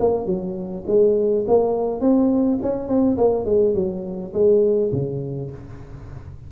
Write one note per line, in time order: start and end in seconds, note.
0.00 0.26 A#3
0.26 0.84 F#3
0.87 1.45 G#3
1.47 2.01 A#3
2.01 2.59 C4
2.62 2.88 C#4
2.88 3.17 C4
3.17 3.45 A#3
3.45 3.74 G#3
3.74 4.32 F#3
4.33 4.92 G#3
4.92 5.51 C#3